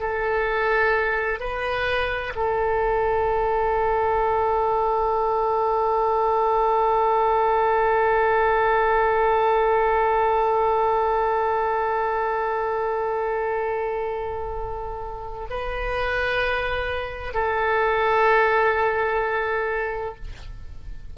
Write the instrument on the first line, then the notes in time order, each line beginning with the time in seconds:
oboe
0.00 A4
1.40 B4
2.36 A4
15.50 B4
17.34 A4